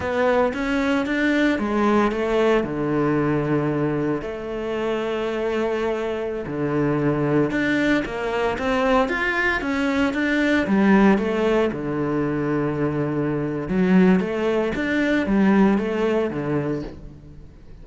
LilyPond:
\new Staff \with { instrumentName = "cello" } { \time 4/4 \tempo 4 = 114 b4 cis'4 d'4 gis4 | a4 d2. | a1~ | a16 d2 d'4 ais8.~ |
ais16 c'4 f'4 cis'4 d'8.~ | d'16 g4 a4 d4.~ d16~ | d2 fis4 a4 | d'4 g4 a4 d4 | }